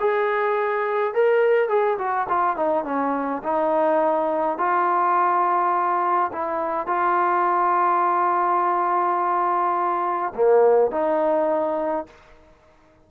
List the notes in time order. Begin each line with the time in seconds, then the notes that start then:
0.00 G#4
1.14 A#4
1.69 G#4
1.98 F#4
2.29 F4
2.56 D#4
2.84 C#4
3.43 D#4
4.58 F4
6.32 E4
6.87 F4
10.35 A#3
10.91 D#4